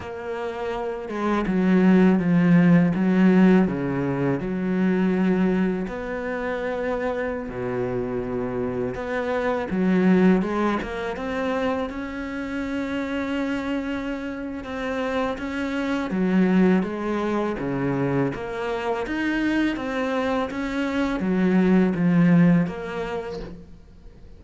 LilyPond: \new Staff \with { instrumentName = "cello" } { \time 4/4 \tempo 4 = 82 ais4. gis8 fis4 f4 | fis4 cis4 fis2 | b2~ b16 b,4.~ b,16~ | b,16 b4 fis4 gis8 ais8 c'8.~ |
c'16 cis'2.~ cis'8. | c'4 cis'4 fis4 gis4 | cis4 ais4 dis'4 c'4 | cis'4 fis4 f4 ais4 | }